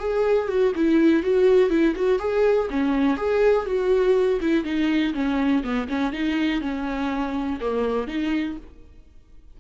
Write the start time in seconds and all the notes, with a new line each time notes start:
0.00 G#4
0.48 F#4
0.76 E4
1.23 F#4
1.70 E4
1.96 F#4
2.19 G#4
2.70 C#4
3.17 G#4
3.66 F#4
4.41 E4
4.65 D#4
5.14 C#4
5.64 B3
5.89 C#4
6.13 D#4
6.61 C#4
7.61 A#3
8.08 D#4